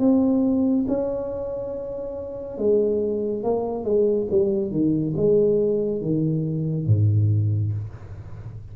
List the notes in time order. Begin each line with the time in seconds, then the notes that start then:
0.00 C4
0.88 C#4
2.58 G#3
3.44 A#3
3.85 G#3
4.31 G3
4.71 D#3
5.17 G#3
6.02 D#3
6.87 G#2